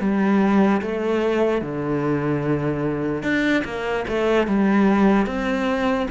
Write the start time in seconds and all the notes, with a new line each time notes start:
0.00 G3
0.81 A3
1.62 D3
3.22 D4
3.64 A#3
4.08 A3
4.47 G3
5.26 C4